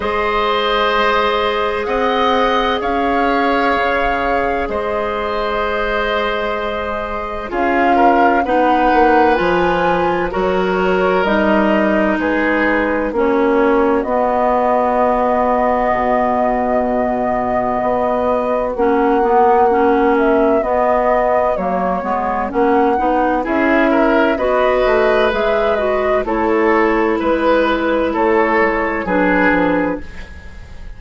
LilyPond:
<<
  \new Staff \with { instrumentName = "flute" } { \time 4/4 \tempo 4 = 64 dis''2 fis''4 f''4~ | f''4 dis''2. | f''4 fis''4 gis''4 cis''4 | dis''4 b'4 cis''4 dis''4~ |
dis''1 | fis''4. e''8 dis''4 cis''4 | fis''4 e''4 dis''4 e''8 dis''8 | cis''4 b'4 cis''4 b'4 | }
  \new Staff \with { instrumentName = "oboe" } { \time 4/4 c''2 dis''4 cis''4~ | cis''4 c''2. | gis'8 ais'8 b'2 ais'4~ | ais'4 gis'4 fis'2~ |
fis'1~ | fis'1~ | fis'4 gis'8 ais'8 b'2 | a'4 b'4 a'4 gis'4 | }
  \new Staff \with { instrumentName = "clarinet" } { \time 4/4 gis'1~ | gis'1 | f'4 dis'4 f'4 fis'4 | dis'2 cis'4 b4~ |
b1 | cis'8 b8 cis'4 b4 ais8 b8 | cis'8 dis'8 e'4 fis'4 gis'8 fis'8 | e'2. d'4 | }
  \new Staff \with { instrumentName = "bassoon" } { \time 4/4 gis2 c'4 cis'4 | cis4 gis2. | cis'4 b8 ais8 f4 fis4 | g4 gis4 ais4 b4~ |
b4 b,2 b4 | ais2 b4 fis8 gis8 | ais8 b8 cis'4 b8 a8 gis4 | a4 gis4 a8 gis8 fis8 f8 | }
>>